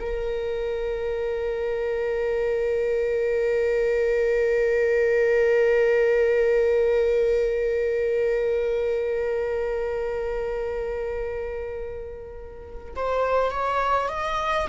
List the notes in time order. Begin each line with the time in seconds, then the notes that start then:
0.00 A#4
12.96 C5
13.51 C#5
14.09 D#5